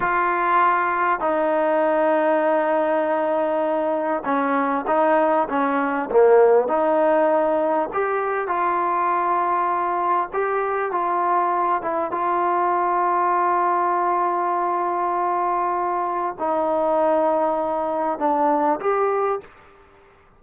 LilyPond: \new Staff \with { instrumentName = "trombone" } { \time 4/4 \tempo 4 = 99 f'2 dis'2~ | dis'2. cis'4 | dis'4 cis'4 ais4 dis'4~ | dis'4 g'4 f'2~ |
f'4 g'4 f'4. e'8 | f'1~ | f'2. dis'4~ | dis'2 d'4 g'4 | }